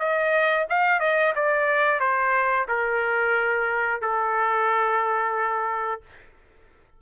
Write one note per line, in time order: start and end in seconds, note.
0.00 0.67 D#5
0.70 1.00 F5
1.00 1.34 D#5
1.36 2.00 D5
2.00 2.67 C5
2.69 4.02 A#4
4.02 6.02 A4